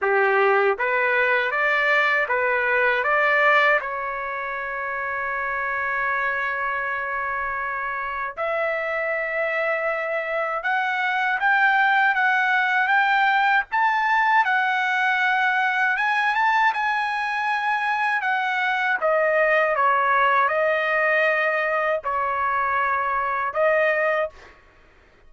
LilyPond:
\new Staff \with { instrumentName = "trumpet" } { \time 4/4 \tempo 4 = 79 g'4 b'4 d''4 b'4 | d''4 cis''2.~ | cis''2. e''4~ | e''2 fis''4 g''4 |
fis''4 g''4 a''4 fis''4~ | fis''4 gis''8 a''8 gis''2 | fis''4 dis''4 cis''4 dis''4~ | dis''4 cis''2 dis''4 | }